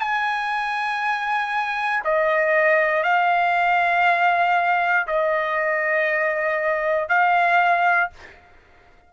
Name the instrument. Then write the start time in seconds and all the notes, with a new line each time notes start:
trumpet
0.00 G#5
2.05 D#5
3.04 F5
5.08 D#5
7.09 F5